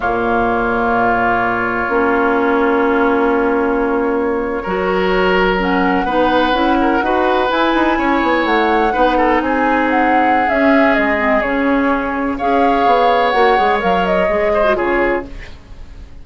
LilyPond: <<
  \new Staff \with { instrumentName = "flute" } { \time 4/4 \tempo 4 = 126 cis''1~ | cis''1~ | cis''2.~ cis''8. fis''16~ | fis''2.~ fis''8. gis''16~ |
gis''4.~ gis''16 fis''2 gis''16~ | gis''8. fis''4~ fis''16 e''4 dis''4 | cis''2 f''2 | fis''4 f''8 dis''4. cis''4 | }
  \new Staff \with { instrumentName = "oboe" } { \time 4/4 f'1~ | f'1~ | f'4.~ f'16 ais'2~ ais'16~ | ais'8. b'4. ais'8 b'4~ b'16~ |
b'8. cis''2 b'8 a'8 gis'16~ | gis'1~ | gis'2 cis''2~ | cis''2~ cis''8 c''8 gis'4 | }
  \new Staff \with { instrumentName = "clarinet" } { \time 4/4 ais1 | cis'1~ | cis'4.~ cis'16 fis'2 cis'16~ | cis'8. dis'4 e'4 fis'4 e'16~ |
e'2~ e'8. dis'4~ dis'16~ | dis'2 cis'4. c'8 | cis'2 gis'2 | fis'8 gis'8 ais'4 gis'8. fis'16 f'4 | }
  \new Staff \with { instrumentName = "bassoon" } { \time 4/4 ais,1 | ais1~ | ais4.~ ais16 fis2~ fis16~ | fis8. b4 cis'4 dis'4 e'16~ |
e'16 dis'8 cis'8 b8 a4 b4 c'16~ | c'2 cis'4 gis4 | cis2 cis'4 b4 | ais8 gis8 fis4 gis4 cis4 | }
>>